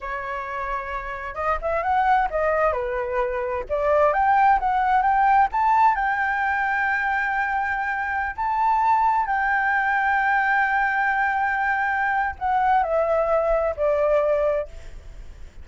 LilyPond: \new Staff \with { instrumentName = "flute" } { \time 4/4 \tempo 4 = 131 cis''2. dis''8 e''8 | fis''4 dis''4 b'2 | d''4 g''4 fis''4 g''4 | a''4 g''2.~ |
g''2~ g''16 a''4.~ a''16~ | a''16 g''2.~ g''8.~ | g''2. fis''4 | e''2 d''2 | }